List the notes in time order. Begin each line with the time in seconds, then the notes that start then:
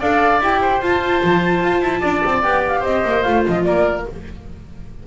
0.00 D4 A4 D5 F5
0.41 E4 G4 G5
0.61 C5
0.82 F4 A5
1.24 F3
1.64 F4
1.82 E4
2.01 D4 D5
2.26 C4
2.43 B3 G4 G5
2.68 F5
2.80 C4 C5 D#5
3.05 A#3
3.23 A3 F4 F5
3.48 F3 D#5
3.64 A#3 A#4 D5